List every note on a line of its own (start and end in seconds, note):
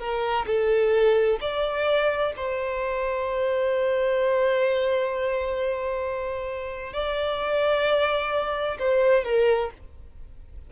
0.00 0.46 A#4
0.47 1.39 A4
1.41 2.34 D5
2.37 6.94 C5
6.94 8.78 D5
8.79 9.25 C5
9.25 9.71 A#4